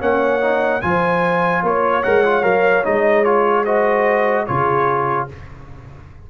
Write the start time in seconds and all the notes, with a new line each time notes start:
0.00 A#3 C#4 C#5 F#5
0.41 D#4
0.82 F3 F4 C5 G#5
1.63 A#3 C#5
2.03 G#3 A#4 F#5
2.25 F4
2.42 F#3 A#4 F5
2.84 G#3 D#4 D#5
3.24 F4 C#5
3.64 F#4 C5 D#5
4.46 C#3 F4 G#4 C#5